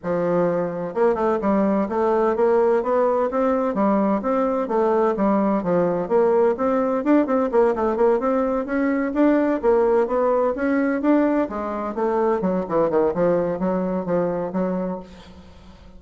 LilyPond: \new Staff \with { instrumentName = "bassoon" } { \time 4/4 \tempo 4 = 128 f2 ais8 a8 g4 | a4 ais4 b4 c'4 | g4 c'4 a4 g4 | f4 ais4 c'4 d'8 c'8 |
ais8 a8 ais8 c'4 cis'4 d'8~ | d'8 ais4 b4 cis'4 d'8~ | d'8 gis4 a4 fis8 e8 dis8 | f4 fis4 f4 fis4 | }